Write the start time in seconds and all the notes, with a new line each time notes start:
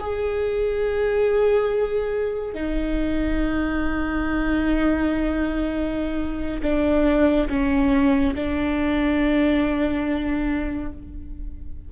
0.00 G#4
2.55 D#4
6.63 D4
7.49 C#4
8.35 D4